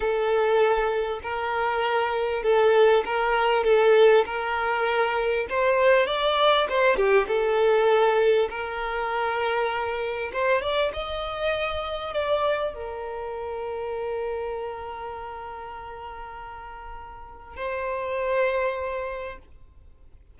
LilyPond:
\new Staff \with { instrumentName = "violin" } { \time 4/4 \tempo 4 = 99 a'2 ais'2 | a'4 ais'4 a'4 ais'4~ | ais'4 c''4 d''4 c''8 g'8 | a'2 ais'2~ |
ais'4 c''8 d''8 dis''2 | d''4 ais'2.~ | ais'1~ | ais'4 c''2. | }